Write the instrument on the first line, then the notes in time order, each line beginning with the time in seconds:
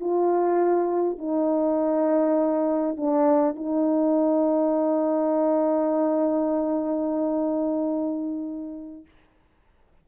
horn
0.00 F4
1.18 D#4
2.96 D4
3.55 D#4